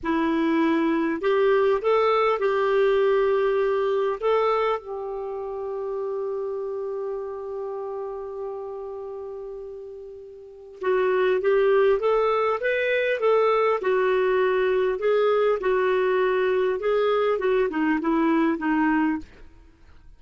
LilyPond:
\new Staff \with { instrumentName = "clarinet" } { \time 4/4 \tempo 4 = 100 e'2 g'4 a'4 | g'2. a'4 | g'1~ | g'1~ |
g'2 fis'4 g'4 | a'4 b'4 a'4 fis'4~ | fis'4 gis'4 fis'2 | gis'4 fis'8 dis'8 e'4 dis'4 | }